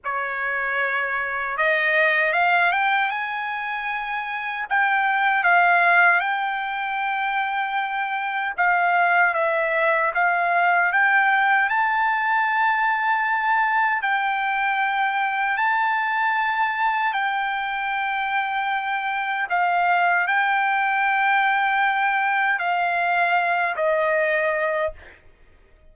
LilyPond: \new Staff \with { instrumentName = "trumpet" } { \time 4/4 \tempo 4 = 77 cis''2 dis''4 f''8 g''8 | gis''2 g''4 f''4 | g''2. f''4 | e''4 f''4 g''4 a''4~ |
a''2 g''2 | a''2 g''2~ | g''4 f''4 g''2~ | g''4 f''4. dis''4. | }